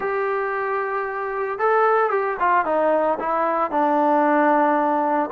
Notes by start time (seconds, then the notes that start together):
0.00 G4
1.59 A4
2.10 G4
2.39 F4
2.65 D#4
3.19 E4
3.70 D4